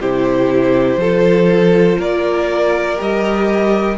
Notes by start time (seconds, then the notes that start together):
0.00 C3 E4 G4 C5
0.96 F3 F4 A4
1.98 A#3 A#4 D5
2.96 G3 G4 D#5